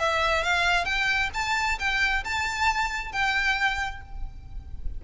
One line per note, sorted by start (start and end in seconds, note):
0.00 0.44 E5
0.44 0.86 F5
0.86 1.30 G5
1.34 1.79 A5
1.80 2.24 G5
2.25 3.13 A5
3.13 4.02 G5